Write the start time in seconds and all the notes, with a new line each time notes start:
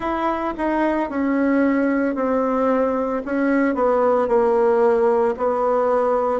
0.00 E4
0.57 D#4
1.09 C#4
2.15 C4
3.25 C#4
3.75 B3
4.28 A#3
5.37 B3